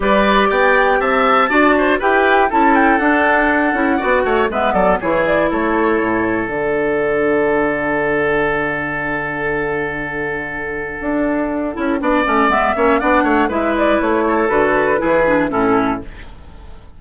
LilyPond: <<
  \new Staff \with { instrumentName = "flute" } { \time 4/4 \tempo 4 = 120 d''4 g''4 a''2 | g''4 a''8 g''8 fis''2~ | fis''4 e''8 d''8 cis''8 d''8 cis''4~ | cis''4 fis''2.~ |
fis''1~ | fis''1~ | fis''4 e''4 fis''4 e''8 d''8 | cis''4 b'2 a'4 | }
  \new Staff \with { instrumentName = "oboe" } { \time 4/4 b'4 d''4 e''4 d''8 c''8 | b'4 a'2. | d''8 cis''8 b'8 a'8 gis'4 a'4~ | a'1~ |
a'1~ | a'1 | d''4. cis''8 d''8 cis''8 b'4~ | b'8 a'4. gis'4 e'4 | }
  \new Staff \with { instrumentName = "clarinet" } { \time 4/4 g'2. fis'4 | g'4 e'4 d'4. e'8 | fis'4 b4 e'2~ | e'4 d'2.~ |
d'1~ | d'2.~ d'8 e'8 | d'8 cis'8 b8 cis'8 d'4 e'4~ | e'4 fis'4 e'8 d'8 cis'4 | }
  \new Staff \with { instrumentName = "bassoon" } { \time 4/4 g4 b4 c'4 d'4 | e'4 cis'4 d'4. cis'8 | b8 a8 gis8 fis8 e4 a4 | a,4 d2.~ |
d1~ | d2 d'4. cis'8 | b8 a8 gis8 ais8 b8 a8 gis4 | a4 d4 e4 a,4 | }
>>